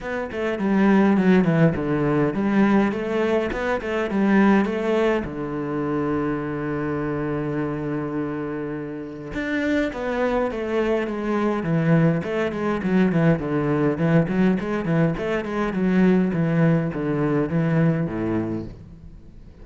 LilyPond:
\new Staff \with { instrumentName = "cello" } { \time 4/4 \tempo 4 = 103 b8 a8 g4 fis8 e8 d4 | g4 a4 b8 a8 g4 | a4 d2.~ | d1 |
d'4 b4 a4 gis4 | e4 a8 gis8 fis8 e8 d4 | e8 fis8 gis8 e8 a8 gis8 fis4 | e4 d4 e4 a,4 | }